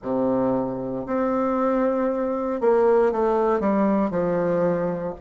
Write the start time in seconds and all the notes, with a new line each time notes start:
0.02 C3
1.06 C4
2.61 A#3
3.12 A3
3.60 G3
4.10 F3